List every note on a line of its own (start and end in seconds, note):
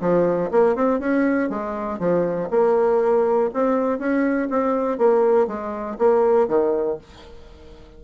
0.00 0.50 F3
0.51 0.75 A#3
0.75 0.99 C4
0.99 1.49 C#4
1.49 1.99 G#3
1.99 2.49 F3
2.50 3.50 A#3
3.53 3.98 C4
3.98 4.48 C#4
4.50 4.97 C4
4.97 5.47 A#3
5.47 5.97 G#3
5.98 6.47 A#3
6.47 6.97 D#3